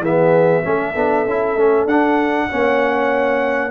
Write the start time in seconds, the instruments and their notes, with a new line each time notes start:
0.00 tuba E3, trombone B3, horn G#4, trumpet E5
0.64 tuba A3, trombone C#4, horn A4
0.96 tuba B3, trombone D4
1.26 tuba C#4, trombone E4
1.56 tuba A3, trombone C#4
1.86 tuba D4, trombone D4, trumpet F#5
2.49 tuba A#3, trombone C#4, horn C#5